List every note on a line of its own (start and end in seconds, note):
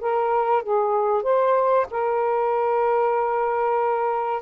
0.00 0.62 A#4
0.62 1.22 G#4
1.22 1.86 C5
1.90 4.42 A#4